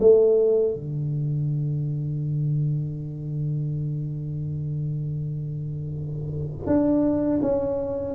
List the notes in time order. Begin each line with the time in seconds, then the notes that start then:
0.00 A3
0.74 D3
6.66 D4
7.42 C#4